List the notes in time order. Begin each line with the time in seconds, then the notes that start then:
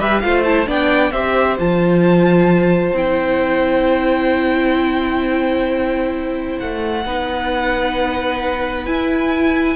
0.00 G3 G4 B4 E5
0.20 A3 F4 C5 F5
0.44 E4 A5
0.66 B3 D4 D5 G5
1.12 C4 G4 C5 E5
1.59 F3 F4 A5
2.93 C4 E4 G5
6.60 A3 F#5
7.05 B3 D#4 B4
8.86 E4 G#5